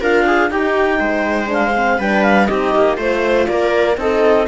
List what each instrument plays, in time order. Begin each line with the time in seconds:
0.00 cello D4, horn F4, viola A#4, clarinet F5
0.26 viola G#4
0.50 horn D#4, cello D#4, viola G4, clarinet G5
0.99 cello G#3, viola C5
1.46 horn D4
1.53 clarinet F5
1.76 horn C4
1.98 cello G3, horn D4, viola B4, clarinet G5
2.23 clarinet F5
2.46 cello C4, horn D#4, viola G4, clarinet D#5
2.75 cello A#3
2.96 cello A3, horn F4, viola C5, clarinet C5
3.47 cello A#3, viola A#4, clarinet D5
3.96 cello C4, horn D#4, viola A4, clarinet D#5